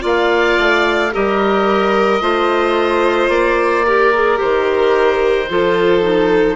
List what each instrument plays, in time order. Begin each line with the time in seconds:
0.00 bassoon A#3, clarinet F4, violin D5, oboe F5
0.58 bassoon A3
1.12 bassoon G3, clarinet G4, violin A#4, oboe D#5
2.20 bassoon A3, clarinet F4, violin C5
3.28 bassoon A#3, oboe D5
3.85 clarinet G4, violin A#4
4.14 clarinet G#4
4.36 clarinet G4, oboe C5
4.42 bassoon D#3
5.48 bassoon F3, clarinet F4, violin A4
6.01 clarinet D#4